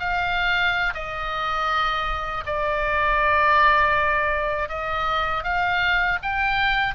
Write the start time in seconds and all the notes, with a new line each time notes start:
0.00 F5
0.94 D#5
2.46 D5
4.69 D#5
5.44 F5
6.23 G5